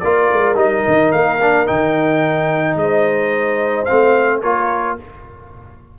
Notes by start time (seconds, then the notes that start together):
0.00 A#3 F4 A#4 D5
0.33 G#3
0.56 G3 D#4 D#5
0.87 D#3
1.12 A#3 F5
1.42 D4
1.67 D#3 D#4 G5
2.76 G#3 C5 D#5
3.85 C4 F5
3.91 A3
4.42 A#3 F4 A#4 C#5